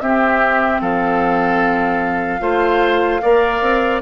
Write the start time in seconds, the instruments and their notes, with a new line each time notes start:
0.00 bassoon C4, clarinet C4, oboe G4, flute E5
0.81 bassoon F3, oboe A4, flute F5
2.40 bassoon A3, clarinet F4, oboe C5
3.22 bassoon A#3, clarinet A#4, oboe D5
3.61 bassoon C4